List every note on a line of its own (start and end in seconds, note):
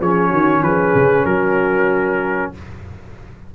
0.00 0.32 F3
0.00 2.55 C#4
0.00 0.29 G#4
0.00 0.63 C#5
0.29 0.62 D#3
0.29 0.60 F#4
0.62 0.94 F3
0.62 1.26 G#4
0.62 1.25 B4
0.95 1.25 C#3
1.25 2.51 F#3
1.25 2.53 F#4
1.25 2.52 A#4